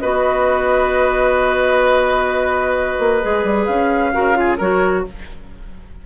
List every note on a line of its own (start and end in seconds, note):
0.00 2.99 B3
0.00 3.22 F#4
0.00 4.14 B4
0.00 3.65 D#5
2.99 3.22 A#3
3.22 3.44 G#3
3.22 4.13 G#4
3.44 3.67 G3
3.65 4.14 C#4
3.65 4.56 F5
4.13 4.60 C#3
4.13 4.34 F#4
4.13 4.37 A#4
4.34 4.57 F4
4.34 4.58 G#4
4.58 5.06 F#3
4.58 5.07 F#4
4.58 5.04 A#4
4.58 5.05 C#5